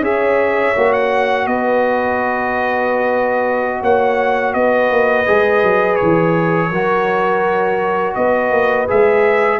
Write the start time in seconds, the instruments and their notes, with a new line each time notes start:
0.00 tuba C#4, trombone G#4, horn C#5, trumpet E5
0.76 tuba A#3, trombone F#4
0.93 trumpet F#5
1.46 tuba B3, horn B4, trumpet D#5
3.81 tuba A#3, horn C#5, trumpet F#5
4.53 tuba B3, horn B4, trumpet D#5
4.90 tuba A#3
5.26 tuba G#3, trombone G#4
5.63 tuba F#3
5.96 trumpet C#5
6.02 tuba E3
6.70 tuba F#3, trombone F#4, horn A#4
8.15 tuba B3, horn B4, trumpet D#5
8.51 tuba A#3
8.87 tuba G#3, trombone G#4, trumpet E5